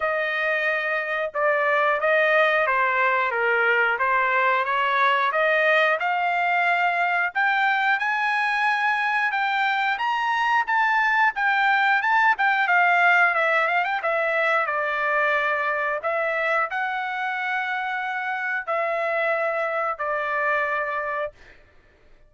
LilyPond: \new Staff \with { instrumentName = "trumpet" } { \time 4/4 \tempo 4 = 90 dis''2 d''4 dis''4 | c''4 ais'4 c''4 cis''4 | dis''4 f''2 g''4 | gis''2 g''4 ais''4 |
a''4 g''4 a''8 g''8 f''4 | e''8 f''16 g''16 e''4 d''2 | e''4 fis''2. | e''2 d''2 | }